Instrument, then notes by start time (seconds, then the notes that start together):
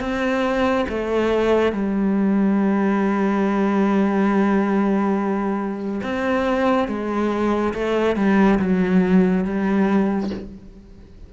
cello
0.00 C4
0.89 A3
1.73 G3
6.03 C4
6.88 G#3
7.74 A3
8.16 G3
8.59 F#3
9.44 G3